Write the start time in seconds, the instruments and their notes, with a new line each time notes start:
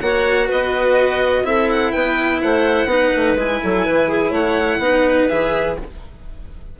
0.00 bassoon A#3, cello F#4, clarinet C#5, violin F#5
0.47 bassoon B3, clarinet B4, violin D#5
1.44 bassoon C4, cello E4, clarinet A4, violin E5
1.70 violin F#5
1.92 bassoon B3, clarinet B4, violin G5
2.42 bassoon A3, clarinet C5, violin F#5
2.86 bassoon B3, cello D#4, clarinet B4
3.16 bassoon A3
3.35 bassoon G#3, cello E4, violin G#5
3.63 bassoon F#3, clarinet A4
3.85 bassoon E3, clarinet B4
4.08 clarinet G#4
4.30 bassoon A3, clarinet C#5, violin F#5
4.78 bassoon B3, cello D#4, clarinet B4
5.28 bassoon E3, cello G#4, violin E5